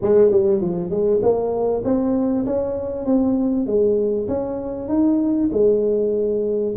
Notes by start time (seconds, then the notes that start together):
0.02 G#3
0.30 G3
0.61 F3
0.90 G#3
1.22 A#3
1.84 C4
2.46 C#4
3.05 C4
3.66 G#3
4.28 C#4
4.88 D#4
5.52 G#3